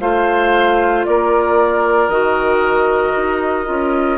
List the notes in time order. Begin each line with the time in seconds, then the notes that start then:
0.00 A3 F4 C5 F5
1.05 A#3 A#4 D5
2.08 D#3 F#4 D#5
3.16 D#4
3.65 C#4 F4